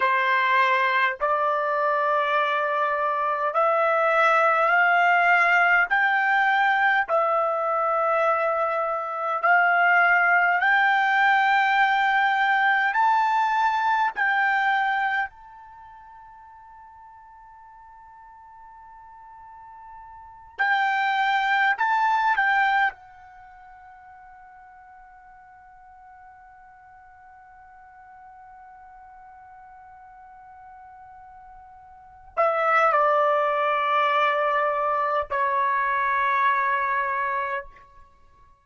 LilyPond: \new Staff \with { instrumentName = "trumpet" } { \time 4/4 \tempo 4 = 51 c''4 d''2 e''4 | f''4 g''4 e''2 | f''4 g''2 a''4 | g''4 a''2.~ |
a''4. g''4 a''8 g''8 fis''8~ | fis''1~ | fis''2.~ fis''8 e''8 | d''2 cis''2 | }